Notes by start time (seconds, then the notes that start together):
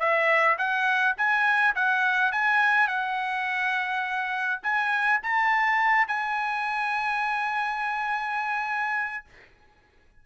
0.00 E5
0.58 F#5
1.17 G#5
1.75 F#5
2.32 G#5
2.88 F#5
4.63 G#5
5.23 A5
6.08 G#5